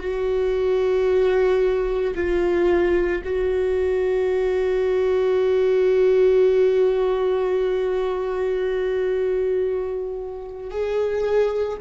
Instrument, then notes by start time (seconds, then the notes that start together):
viola
0.00 F#4
2.15 F4
3.24 F#4
10.71 G#4